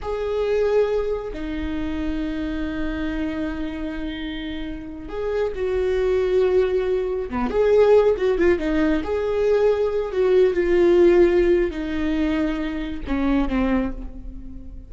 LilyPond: \new Staff \with { instrumentName = "viola" } { \time 4/4 \tempo 4 = 138 gis'2. dis'4~ | dis'1~ | dis'2.~ dis'8. gis'16~ | gis'8. fis'2.~ fis'16~ |
fis'8. b8 gis'4. fis'8 f'8 dis'16~ | dis'8. gis'2~ gis'8 fis'8.~ | fis'16 f'2~ f'8. dis'4~ | dis'2 cis'4 c'4 | }